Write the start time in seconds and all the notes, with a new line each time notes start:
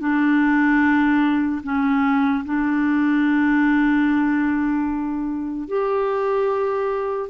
0.00 D4
1.64 C#4
2.45 D4
5.68 G4